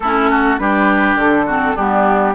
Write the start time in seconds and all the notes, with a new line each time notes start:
0.00 A3 C#4 E4 A4
0.30 F#4
0.58 G3 D4 G4 B4
1.14 D3 A4
1.46 C4 F#4
1.75 G3 B3 D4 G4